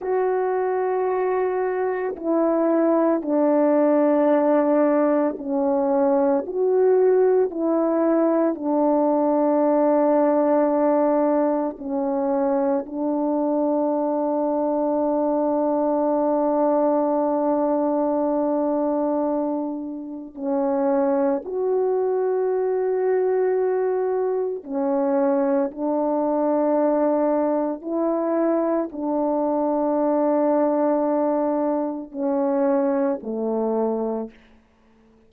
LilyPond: \new Staff \with { instrumentName = "horn" } { \time 4/4 \tempo 4 = 56 fis'2 e'4 d'4~ | d'4 cis'4 fis'4 e'4 | d'2. cis'4 | d'1~ |
d'2. cis'4 | fis'2. cis'4 | d'2 e'4 d'4~ | d'2 cis'4 a4 | }